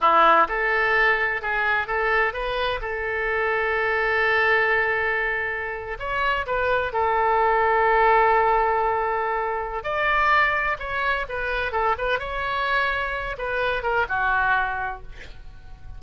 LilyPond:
\new Staff \with { instrumentName = "oboe" } { \time 4/4 \tempo 4 = 128 e'4 a'2 gis'4 | a'4 b'4 a'2~ | a'1~ | a'8. cis''4 b'4 a'4~ a'16~ |
a'1~ | a'4 d''2 cis''4 | b'4 a'8 b'8 cis''2~ | cis''8 b'4 ais'8 fis'2 | }